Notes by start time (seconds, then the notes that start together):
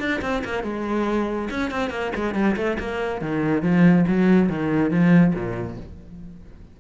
0.00 D4
0.22 C4
0.45 A#3
0.64 G#3
1.51 C#4
1.71 C4
1.91 A#3
2.16 G#3
2.35 G3
2.57 A3
2.80 A#3
3.22 D#3
3.63 F3
4.08 F#3
4.50 D#3
4.91 F3
5.35 A#2